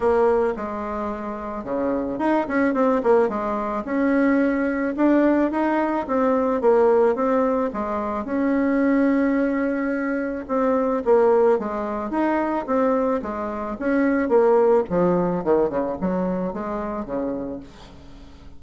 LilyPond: \new Staff \with { instrumentName = "bassoon" } { \time 4/4 \tempo 4 = 109 ais4 gis2 cis4 | dis'8 cis'8 c'8 ais8 gis4 cis'4~ | cis'4 d'4 dis'4 c'4 | ais4 c'4 gis4 cis'4~ |
cis'2. c'4 | ais4 gis4 dis'4 c'4 | gis4 cis'4 ais4 f4 | dis8 cis8 fis4 gis4 cis4 | }